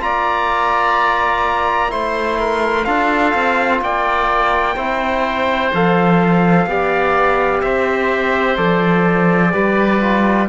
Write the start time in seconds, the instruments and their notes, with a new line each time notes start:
0.00 cello A#3, trombone F4, oboe D5, trumpet A#5
1.89 cello A3, trombone E4, oboe C5, trumpet C6
2.39 oboe A#4
2.85 cello D4, trombone F4, oboe A4, trumpet F5
3.35 cello C4
3.81 cello A#3, oboe D5, trumpet G5
4.76 cello C4, trombone E4, oboe C5
5.74 cello F3, trombone A4, trumpet F5
6.66 cello B3, trombone G4, oboe D5
7.62 cello C4, oboe C5, trumpet E5
8.57 cello F3, trombone A4, trumpet D5
9.51 cello G3, trombone G4, oboe B4
10.00 trombone F4